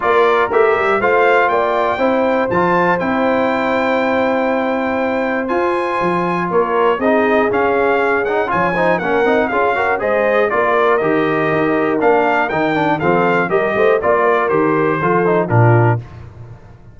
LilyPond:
<<
  \new Staff \with { instrumentName = "trumpet" } { \time 4/4 \tempo 4 = 120 d''4 e''4 f''4 g''4~ | g''4 a''4 g''2~ | g''2. gis''4~ | gis''4 cis''4 dis''4 f''4~ |
f''8 fis''8 gis''4 fis''4 f''4 | dis''4 d''4 dis''2 | f''4 g''4 f''4 dis''4 | d''4 c''2 ais'4 | }
  \new Staff \with { instrumentName = "horn" } { \time 4/4 ais'2 c''4 d''4 | c''1~ | c''1~ | c''4 ais'4 gis'2~ |
gis'4 cis''8 c''8 ais'4 gis'8 ais'8 | c''4 ais'2.~ | ais'2 a'4 ais'8 c''8 | d''8 ais'4. a'4 f'4 | }
  \new Staff \with { instrumentName = "trombone" } { \time 4/4 f'4 g'4 f'2 | e'4 f'4 e'2~ | e'2. f'4~ | f'2 dis'4 cis'4~ |
cis'8 dis'8 f'8 dis'8 cis'8 dis'8 f'8 fis'8 | gis'4 f'4 g'2 | d'4 dis'8 d'8 c'4 g'4 | f'4 g'4 f'8 dis'8 d'4 | }
  \new Staff \with { instrumentName = "tuba" } { \time 4/4 ais4 a8 g8 a4 ais4 | c'4 f4 c'2~ | c'2. f'4 | f4 ais4 c'4 cis'4~ |
cis'4 f4 ais8 c'8 cis'4 | gis4 ais4 dis4 dis'4 | ais4 dis4 f4 g8 a8 | ais4 dis4 f4 ais,4 | }
>>